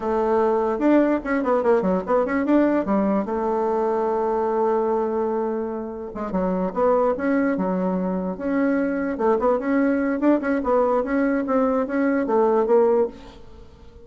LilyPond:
\new Staff \with { instrumentName = "bassoon" } { \time 4/4 \tempo 4 = 147 a2 d'4 cis'8 b8 | ais8 fis8 b8 cis'8 d'4 g4 | a1~ | a2. gis8 fis8~ |
fis8 b4 cis'4 fis4.~ | fis8 cis'2 a8 b8 cis'8~ | cis'4 d'8 cis'8 b4 cis'4 | c'4 cis'4 a4 ais4 | }